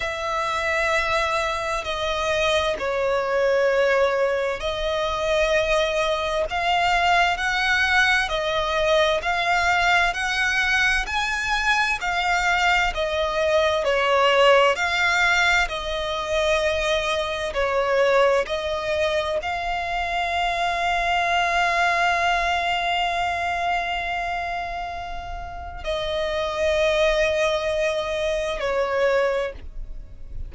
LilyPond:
\new Staff \with { instrumentName = "violin" } { \time 4/4 \tempo 4 = 65 e''2 dis''4 cis''4~ | cis''4 dis''2 f''4 | fis''4 dis''4 f''4 fis''4 | gis''4 f''4 dis''4 cis''4 |
f''4 dis''2 cis''4 | dis''4 f''2.~ | f''1 | dis''2. cis''4 | }